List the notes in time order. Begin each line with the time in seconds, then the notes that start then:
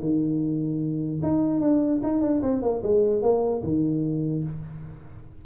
0.00 D#3
1.23 D#4
1.61 D4
2.03 D#4
2.21 D4
2.42 C4
2.62 A#3
2.83 G#3
3.22 A#3
3.63 D#3